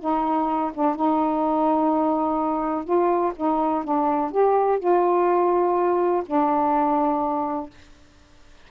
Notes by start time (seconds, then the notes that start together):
0.00 D#4
0.75 D4
0.96 D#4
2.85 F4
3.36 D#4
3.85 D4
4.32 G4
4.80 F4
6.26 D4